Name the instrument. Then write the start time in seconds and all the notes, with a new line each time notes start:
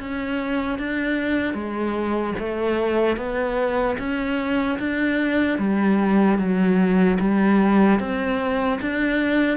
cello
0.00 C#4
0.79 D4
1.55 G#3
2.39 A3
3.17 B3
3.99 C#4
4.79 D4
5.59 G3
6.39 F#3
7.20 G3
8.00 C4
8.81 D4